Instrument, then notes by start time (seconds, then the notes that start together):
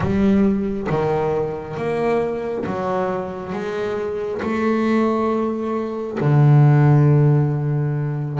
double bass
0.00 G3
0.89 D#3
1.76 A#3
2.66 F#3
3.53 G#3
4.42 A3
6.20 D3